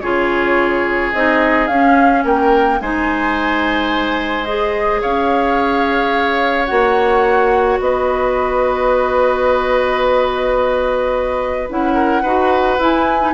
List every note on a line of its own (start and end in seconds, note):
0.00 1.13 C#3
0.00 1.13 F4
0.00 2.23 G#4
0.00 1.11 C#5
1.12 1.68 C4
1.12 1.70 D#4
1.12 1.67 D#5
1.67 2.24 C#4
1.67 2.81 C#4
1.67 2.22 F5
2.23 2.80 A#3
2.23 2.79 A#4
2.23 2.80 G5
2.80 5.02 G#3
2.80 4.47 D#4
2.80 5.01 C5
2.80 4.44 G#5
4.44 6.67 G#4
4.44 4.99 D#5
5.01 6.70 C#4
5.01 7.79 C#5
5.01 6.66 F5
6.66 7.79 A#3
6.66 11.67 F#4
6.66 7.77 F#5
7.79 11.68 B3
7.79 11.94 B4
7.79 11.69 D#5
11.69 12.23 C#4
11.69 12.24 E4
11.69 12.81 F#5
11.94 12.22 A#4
12.22 12.78 D#4
12.22 12.78 F#4
12.22 13.33 B4
12.78 13.33 E4
12.78 13.20 E4
12.78 13.33 G#5
13.20 13.33 D#4